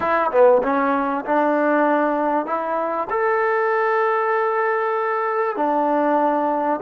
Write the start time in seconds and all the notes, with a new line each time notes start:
0.00 E4
0.31 B3
0.62 C#4
1.25 D4
2.46 E4
3.10 A4
5.56 D4